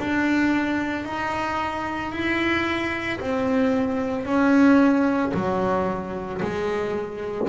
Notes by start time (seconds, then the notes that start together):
0.00 D4
1.05 D#4
2.12 E4
3.20 C4
4.25 C#4
5.34 F#3
6.42 G#3